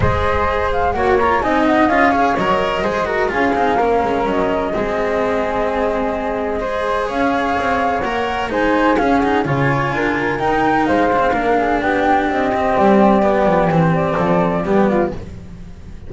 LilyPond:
<<
  \new Staff \with { instrumentName = "flute" } { \time 4/4 \tempo 4 = 127 dis''4. f''8 fis''8 ais''8 gis''8 fis''8 | f''4 dis''2 f''4~ | f''4 dis''2.~ | dis''2. f''4~ |
f''4 fis''4 gis''4 f''8 fis''8 | gis''2 g''4 f''4~ | f''4 g''4 dis''4 d''4~ | d''4 c''8 d''2~ d''8 | }
  \new Staff \with { instrumentName = "flute" } { \time 4/4 c''2 cis''4 dis''4~ | dis''8 cis''4. c''8 ais'8 gis'4 | ais'2 gis'2~ | gis'2 c''4 cis''4~ |
cis''2 c''4 gis'4 | cis''4 ais'2 c''4 | ais'8 gis'8 g'2.~ | g'2 a'4 g'8 f'8 | }
  \new Staff \with { instrumentName = "cello" } { \time 4/4 gis'2 fis'8 f'8 dis'4 | f'8 gis'8 ais'4 gis'8 fis'8 f'8 dis'8 | cis'2 c'2~ | c'2 gis'2~ |
gis'4 ais'4 dis'4 cis'8 dis'8 | f'2 dis'4. d'16 c'16 | d'2~ d'8 c'4. | b4 c'2 b4 | }
  \new Staff \with { instrumentName = "double bass" } { \time 4/4 gis2 ais4 c'4 | cis'4 fis4 gis4 cis'8 c'8 | ais8 gis8 fis4 gis2~ | gis2. cis'4 |
c'4 ais4 gis4 cis'4 | cis4 d'4 dis'4 gis4 | ais4 b4 c'4 g4~ | g8 f8 e4 f4 g4 | }
>>